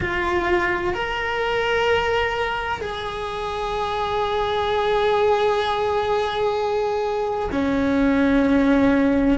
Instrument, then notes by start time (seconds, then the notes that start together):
cello
0.00 F4
0.94 A#4
2.81 G#4
7.51 C#4